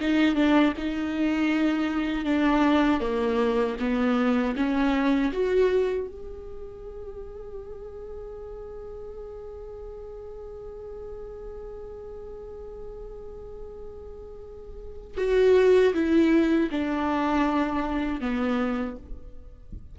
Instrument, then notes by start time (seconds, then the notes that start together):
viola
0.00 D#4
0.35 D4
0.77 D#4
2.25 D4
3.01 A#3
3.79 B3
4.56 C#4
5.32 F#4
6.08 G#4
15.17 F#4
15.94 E4
16.71 D4
18.20 B3